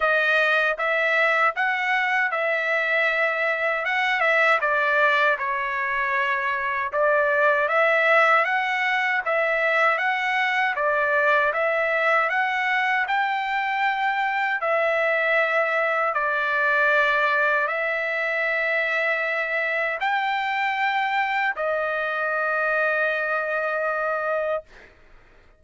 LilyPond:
\new Staff \with { instrumentName = "trumpet" } { \time 4/4 \tempo 4 = 78 dis''4 e''4 fis''4 e''4~ | e''4 fis''8 e''8 d''4 cis''4~ | cis''4 d''4 e''4 fis''4 | e''4 fis''4 d''4 e''4 |
fis''4 g''2 e''4~ | e''4 d''2 e''4~ | e''2 g''2 | dis''1 | }